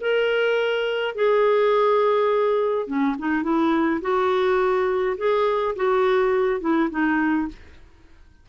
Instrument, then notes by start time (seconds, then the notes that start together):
clarinet
0.00 A#4
1.15 G#4
2.87 C#4
3.18 D#4
3.43 E4
4.01 F#4
5.17 G#4
5.76 F#4
6.60 E4
6.90 D#4